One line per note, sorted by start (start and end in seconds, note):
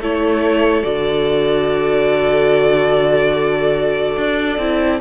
0.00 0.83 A3
0.00 0.83 E4
0.00 5.01 A4
0.00 0.84 C#5
0.83 4.17 D3
0.83 4.58 F#4
0.83 5.00 D5
4.17 4.58 D4
4.58 5.00 C4
4.58 5.01 E4